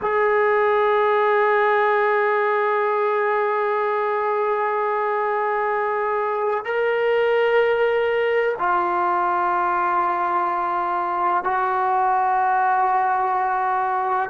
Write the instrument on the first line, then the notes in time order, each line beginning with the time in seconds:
trombone
0.01 G#4
6.65 A#4
8.58 F4
11.43 F#4